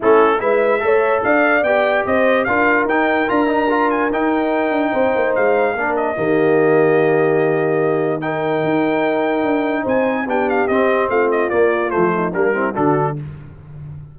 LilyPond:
<<
  \new Staff \with { instrumentName = "trumpet" } { \time 4/4 \tempo 4 = 146 a'4 e''2 f''4 | g''4 dis''4 f''4 g''4 | ais''4. gis''8 g''2~ | g''4 f''4. dis''4.~ |
dis''1 | g''1 | gis''4 g''8 f''8 dis''4 f''8 dis''8 | d''4 c''4 ais'4 a'4 | }
  \new Staff \with { instrumentName = "horn" } { \time 4/4 e'4 b'4 cis''4 d''4~ | d''4 c''4 ais'2~ | ais'1 | c''2 ais'4 g'4~ |
g'1 | ais'1 | c''4 g'2 f'4~ | f'4. dis'8 d'8 e'8 fis'4 | }
  \new Staff \with { instrumentName = "trombone" } { \time 4/4 cis'4 e'4 a'2 | g'2 f'4 dis'4 | f'8 dis'8 f'4 dis'2~ | dis'2 d'4 ais4~ |
ais1 | dis'1~ | dis'4 d'4 c'2 | ais4 a4 ais8 c'8 d'4 | }
  \new Staff \with { instrumentName = "tuba" } { \time 4/4 a4 gis4 a4 d'4 | b4 c'4 d'4 dis'4 | d'2 dis'4. d'8 | c'8 ais8 gis4 ais4 dis4~ |
dis1~ | dis4 dis'2 d'4 | c'4 b4 c'4 a4 | ais4 f4 g4 d4 | }
>>